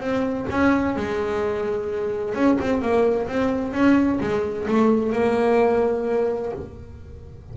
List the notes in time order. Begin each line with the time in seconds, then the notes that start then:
0.00 C4
0.51 C#4
0.97 G#3
2.35 C#4
2.61 C4
2.82 A#3
3.28 C4
3.73 C#4
4.21 G#3
4.68 A3
5.13 A#3